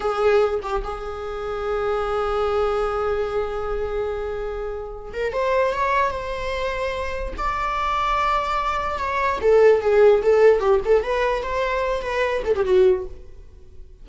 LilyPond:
\new Staff \with { instrumentName = "viola" } { \time 4/4 \tempo 4 = 147 gis'4. g'8 gis'2~ | gis'1~ | gis'1~ | gis'8 ais'8 c''4 cis''4 c''4~ |
c''2 d''2~ | d''2 cis''4 a'4 | gis'4 a'4 g'8 a'8 b'4 | c''4. b'4 a'16 g'16 fis'4 | }